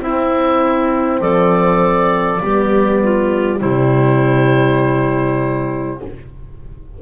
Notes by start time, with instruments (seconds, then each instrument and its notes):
0.00 horn C4, double bass C4, clarinet E4, oboe E5
1.20 double bass F3, clarinet A4, oboe D5
2.42 double bass G3, horn B3, clarinet G4
3.03 clarinet F4
3.59 double bass C3, horn G3, clarinet E4, oboe C5